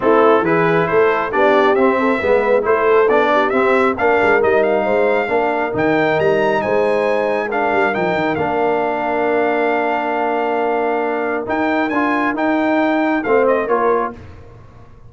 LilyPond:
<<
  \new Staff \with { instrumentName = "trumpet" } { \time 4/4 \tempo 4 = 136 a'4 b'4 c''4 d''4 | e''2 c''4 d''4 | e''4 f''4 dis''8 f''4.~ | f''4 g''4 ais''4 gis''4~ |
gis''4 f''4 g''4 f''4~ | f''1~ | f''2 g''4 gis''4 | g''2 f''8 dis''8 cis''4 | }
  \new Staff \with { instrumentName = "horn" } { \time 4/4 e'4 gis'4 a'4 g'4~ | g'8 a'8 b'4 a'4. g'8~ | g'4 ais'2 c''4 | ais'2. c''4~ |
c''4 ais'2.~ | ais'1~ | ais'1~ | ais'2 c''4 ais'4 | }
  \new Staff \with { instrumentName = "trombone" } { \time 4/4 c'4 e'2 d'4 | c'4 b4 e'4 d'4 | c'4 d'4 dis'2 | d'4 dis'2.~ |
dis'4 d'4 dis'4 d'4~ | d'1~ | d'2 dis'4 f'4 | dis'2 c'4 f'4 | }
  \new Staff \with { instrumentName = "tuba" } { \time 4/4 a4 e4 a4 b4 | c'4 gis4 a4 b4 | c'4 ais8 gis8 g4 gis4 | ais4 dis4 g4 gis4~ |
gis4. g8 f8 dis8 ais4~ | ais1~ | ais2 dis'4 d'4 | dis'2 a4 ais4 | }
>>